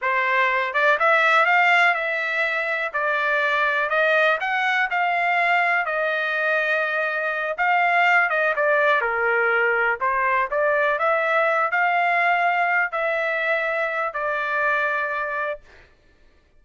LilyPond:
\new Staff \with { instrumentName = "trumpet" } { \time 4/4 \tempo 4 = 123 c''4. d''8 e''4 f''4 | e''2 d''2 | dis''4 fis''4 f''2 | dis''2.~ dis''8 f''8~ |
f''4 dis''8 d''4 ais'4.~ | ais'8 c''4 d''4 e''4. | f''2~ f''8 e''4.~ | e''4 d''2. | }